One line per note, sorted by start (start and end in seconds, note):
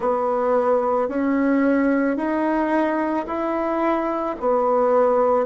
0.00 1.08 B3
1.08 2.16 C#4
2.16 3.25 D#4
3.26 4.35 E4
4.39 5.45 B3